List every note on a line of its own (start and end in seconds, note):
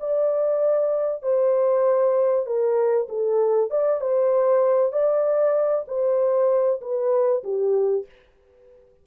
0.00 1.23 D5
1.23 2.46 C5
2.46 3.08 A#4
3.09 3.70 A4
3.70 4.01 D5
4.01 4.92 C5
4.92 5.85 D5
5.88 6.80 C5
6.82 7.43 B4
7.44 8.06 G4